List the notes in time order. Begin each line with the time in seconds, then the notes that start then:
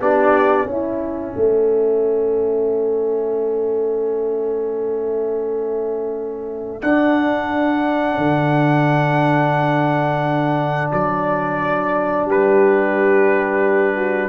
0.00 B3 D4 G4 D5
0.65 C#4 E4 E5
1.36 A3 A4
6.82 D4 F#5
8.17 D3
10.92 F#3 D5
12.26 G3 G4 B4
13.96 F#4